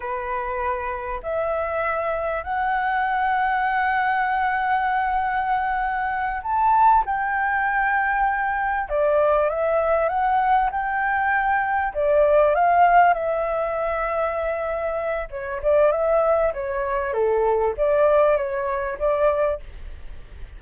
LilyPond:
\new Staff \with { instrumentName = "flute" } { \time 4/4 \tempo 4 = 98 b'2 e''2 | fis''1~ | fis''2~ fis''8 a''4 g''8~ | g''2~ g''8 d''4 e''8~ |
e''8 fis''4 g''2 d''8~ | d''8 f''4 e''2~ e''8~ | e''4 cis''8 d''8 e''4 cis''4 | a'4 d''4 cis''4 d''4 | }